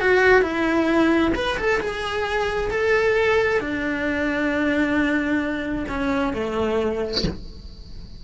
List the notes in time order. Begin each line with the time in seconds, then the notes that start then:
0.00 F#4
0.42 E4
1.35 B4
1.57 A4
1.80 G#4
2.70 A4
3.60 D4
5.89 C#4
6.33 A3